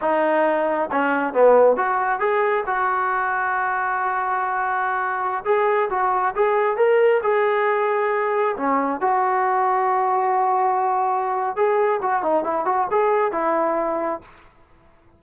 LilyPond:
\new Staff \with { instrumentName = "trombone" } { \time 4/4 \tempo 4 = 135 dis'2 cis'4 b4 | fis'4 gis'4 fis'2~ | fis'1~ | fis'16 gis'4 fis'4 gis'4 ais'8.~ |
ais'16 gis'2. cis'8.~ | cis'16 fis'2.~ fis'8.~ | fis'2 gis'4 fis'8 dis'8 | e'8 fis'8 gis'4 e'2 | }